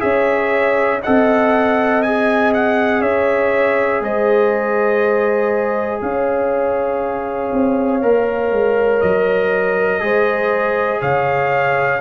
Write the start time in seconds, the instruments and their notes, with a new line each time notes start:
0.00 tuba C#4, trombone G#4, horn C#5, trumpet E5
1.02 tuba C4, trombone A4, horn D#5, trumpet F#5
2.03 trombone G#4, trumpet G#5
2.54 trumpet F#5
3.01 tuba C#4, horn C#5, trumpet E5
4.01 tuba G#3, horn C5, trumpet D#5
6.01 tuba C#4, horn C#5, trumpet F5
7.53 tuba C4
8.02 tuba A#3, trombone A#4
8.52 tuba G#3
9.01 tuba F#3, trumpet D#5
10.00 tuba G#3, trombone G#4, horn C5
11.01 tuba C#3, horn C#5, trumpet F5